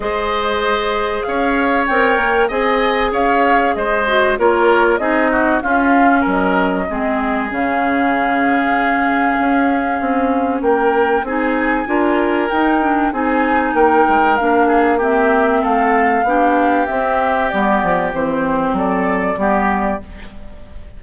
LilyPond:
<<
  \new Staff \with { instrumentName = "flute" } { \time 4/4 \tempo 4 = 96 dis''2 f''4 g''4 | gis''4 f''4 dis''4 cis''4 | dis''4 f''4 dis''2 | f''1~ |
f''4 g''4 gis''2 | g''4 gis''4 g''4 f''4 | e''4 f''2 e''4 | d''4 c''4 d''2 | }
  \new Staff \with { instrumentName = "oboe" } { \time 4/4 c''2 cis''2 | dis''4 cis''4 c''4 ais'4 | gis'8 fis'8 f'4 ais'4 gis'4~ | gis'1~ |
gis'4 ais'4 gis'4 ais'4~ | ais'4 gis'4 ais'4. gis'8 | g'4 a'4 g'2~ | g'2 a'4 g'4 | }
  \new Staff \with { instrumentName = "clarinet" } { \time 4/4 gis'2. ais'4 | gis'2~ gis'8 fis'8 f'4 | dis'4 cis'2 c'4 | cis'1~ |
cis'2 dis'4 f'4 | dis'8 d'8 dis'2 d'4 | c'2 d'4 c'4 | b4 c'2 b4 | }
  \new Staff \with { instrumentName = "bassoon" } { \time 4/4 gis2 cis'4 c'8 ais8 | c'4 cis'4 gis4 ais4 | c'4 cis'4 fis4 gis4 | cis2. cis'4 |
c'4 ais4 c'4 d'4 | dis'4 c'4 ais8 gis8 ais4~ | ais4 a4 b4 c'4 | g8 f8 e4 fis4 g4 | }
>>